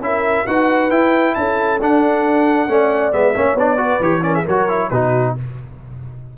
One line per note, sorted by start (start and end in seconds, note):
0.00 0.44 C#4
0.00 0.46 E4
0.00 0.45 A#4
0.00 0.46 E5
0.45 0.90 D#4
0.45 0.90 F#4
0.45 1.34 B4
0.45 0.90 F#5
0.90 1.35 E4
0.90 1.79 E4
0.90 1.35 G5
1.35 1.80 C#4
1.35 2.71 A4
1.35 1.79 A5
1.80 2.68 D4
1.80 3.12 F#5
2.68 3.12 A3
2.68 3.12 C#4
2.68 3.34 D5
3.12 3.35 G#3
3.12 3.34 B3
3.12 3.57 E5
3.34 3.54 A#3
3.34 3.57 C#4
3.34 3.78 C#5
3.54 3.99 B3
3.54 3.77 D4
3.54 4.03 D5
3.77 3.99 F#4
3.77 4.23 B4
4.00 4.44 E3
4.00 4.21 G4
4.00 4.23 C#5
4.21 4.44 C#4
4.21 4.34 A#4
4.21 4.34 D5
4.34 4.44 G#4
4.34 4.46 E5
4.44 4.91 F#3
4.44 4.69 F#4
4.44 4.88 A#4
4.44 4.90 C#5
4.69 4.91 E4
4.90 5.35 B2
4.90 5.37 D#4
4.90 5.35 F#4
4.90 5.34 B4